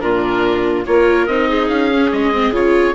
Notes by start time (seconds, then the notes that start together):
0.00 A#2 D4 F4 A#4
0.87 A#3 F4 A#4 C#5
1.27 C4 D#4 D#5
1.49 G#4
1.69 C#4 F5
1.92 C#4
2.12 G#3 D#5
2.33 C4
2.51 C#3 F4 C#5